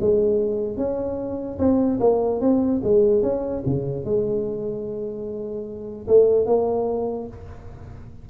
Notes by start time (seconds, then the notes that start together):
0.00 G#3
0.77 C#4
1.58 C4
2.00 A#3
2.40 C4
2.83 G#3
3.22 C#4
3.66 C#3
4.04 G#3
6.07 A3
6.46 A#3